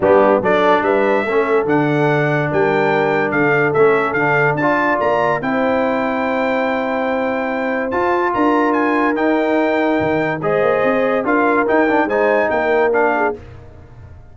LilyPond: <<
  \new Staff \with { instrumentName = "trumpet" } { \time 4/4 \tempo 4 = 144 g'4 d''4 e''2 | fis''2 g''2 | f''4 e''4 f''4 a''4 | ais''4 g''2.~ |
g''2. a''4 | ais''4 gis''4 g''2~ | g''4 dis''2 f''4 | g''4 gis''4 g''4 f''4 | }
  \new Staff \with { instrumentName = "horn" } { \time 4/4 d'4 a'4 b'4 a'4~ | a'2 ais'2 | a'2. d''4~ | d''4 c''2.~ |
c''1 | ais'1~ | ais'4 c''2 ais'4~ | ais'4 c''4 ais'4. gis'8 | }
  \new Staff \with { instrumentName = "trombone" } { \time 4/4 b4 d'2 cis'4 | d'1~ | d'4 cis'4 d'4 f'4~ | f'4 e'2.~ |
e'2. f'4~ | f'2 dis'2~ | dis'4 gis'2 f'4 | dis'8 d'8 dis'2 d'4 | }
  \new Staff \with { instrumentName = "tuba" } { \time 4/4 g4 fis4 g4 a4 | d2 g2 | d4 a4 d4 d'4 | ais4 c'2.~ |
c'2. f'4 | d'2 dis'2 | dis4 gis8 ais8 c'4 d'4 | dis'4 gis4 ais2 | }
>>